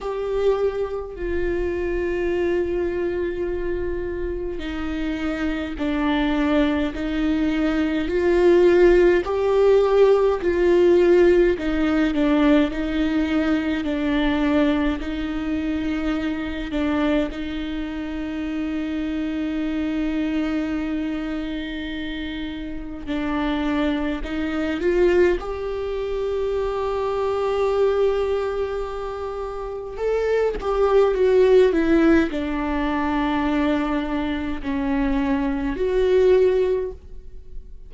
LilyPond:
\new Staff \with { instrumentName = "viola" } { \time 4/4 \tempo 4 = 52 g'4 f'2. | dis'4 d'4 dis'4 f'4 | g'4 f'4 dis'8 d'8 dis'4 | d'4 dis'4. d'8 dis'4~ |
dis'1 | d'4 dis'8 f'8 g'2~ | g'2 a'8 g'8 fis'8 e'8 | d'2 cis'4 fis'4 | }